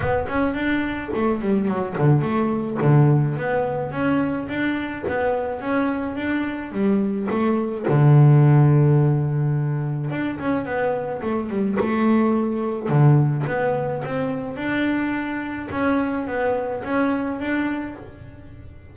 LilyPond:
\new Staff \with { instrumentName = "double bass" } { \time 4/4 \tempo 4 = 107 b8 cis'8 d'4 a8 g8 fis8 d8 | a4 d4 b4 cis'4 | d'4 b4 cis'4 d'4 | g4 a4 d2~ |
d2 d'8 cis'8 b4 | a8 g8 a2 d4 | b4 c'4 d'2 | cis'4 b4 cis'4 d'4 | }